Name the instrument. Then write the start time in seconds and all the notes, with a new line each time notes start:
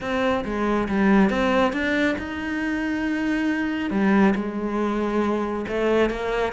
cello
0.01 C4
0.44 G#3
0.88 G3
1.29 C4
1.72 D4
2.18 D#4
3.90 G3
4.35 G#3
5.68 A3
6.10 A#3